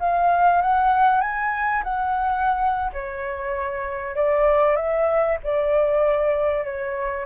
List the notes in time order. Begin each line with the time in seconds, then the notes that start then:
0.00 F5
0.62 F#5
1.21 G#5
1.84 F#5
2.93 C#5
4.16 D5
4.76 E5
5.44 D5
6.65 C#5